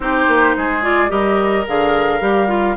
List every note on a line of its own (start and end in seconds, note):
0.00 0.26 C4
0.00 0.82 D#4
0.00 0.56 G4
0.00 0.83 C5
0.27 0.55 A#3
0.56 1.10 G#3
0.56 1.10 G#4
0.82 1.08 F4
0.82 1.10 D5
1.08 1.66 G3
1.08 1.64 G4
1.08 2.77 A#4
1.08 1.66 D#5
1.67 2.20 D3
1.67 2.20 G#4
1.67 2.77 F5
2.20 2.76 G3
2.20 2.47 G4
2.47 2.75 F4